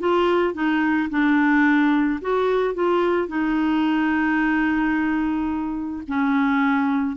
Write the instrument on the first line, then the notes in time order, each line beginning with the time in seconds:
clarinet
0.00 F4
0.54 D#4
1.10 D4
2.22 F#4
2.75 F4
3.29 D#4
6.08 C#4